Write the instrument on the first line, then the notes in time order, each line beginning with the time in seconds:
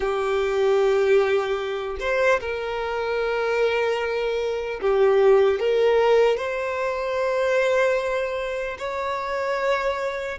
violin
0.00 G4
2.00 C5
2.40 A#4
4.81 G4
5.59 A#4
6.37 C5
8.78 C#5